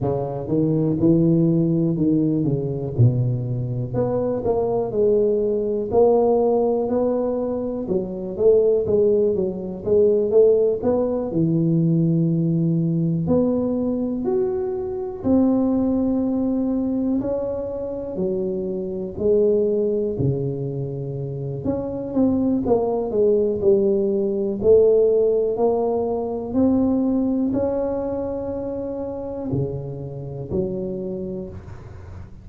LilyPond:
\new Staff \with { instrumentName = "tuba" } { \time 4/4 \tempo 4 = 61 cis8 dis8 e4 dis8 cis8 b,4 | b8 ais8 gis4 ais4 b4 | fis8 a8 gis8 fis8 gis8 a8 b8 e8~ | e4. b4 fis'4 c'8~ |
c'4. cis'4 fis4 gis8~ | gis8 cis4. cis'8 c'8 ais8 gis8 | g4 a4 ais4 c'4 | cis'2 cis4 fis4 | }